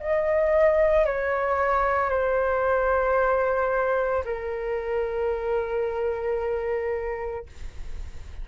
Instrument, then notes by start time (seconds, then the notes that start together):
flute
0.00 D#5
1.06 C#5
2.10 C5
4.25 A#4